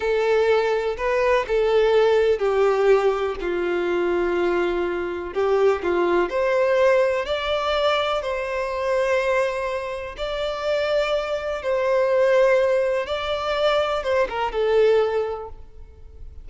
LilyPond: \new Staff \with { instrumentName = "violin" } { \time 4/4 \tempo 4 = 124 a'2 b'4 a'4~ | a'4 g'2 f'4~ | f'2. g'4 | f'4 c''2 d''4~ |
d''4 c''2.~ | c''4 d''2. | c''2. d''4~ | d''4 c''8 ais'8 a'2 | }